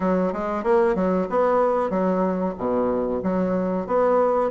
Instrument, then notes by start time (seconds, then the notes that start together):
bassoon
0.00 F#3
0.32 G#3
0.63 A#3
0.95 F#3
1.29 B3
1.90 F#3
2.57 B2
3.23 F#3
3.87 B3